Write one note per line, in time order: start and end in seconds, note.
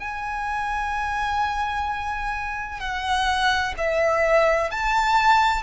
0.00 2.81 G#5
2.81 3.75 F#5
3.78 4.71 E5
4.71 5.63 A5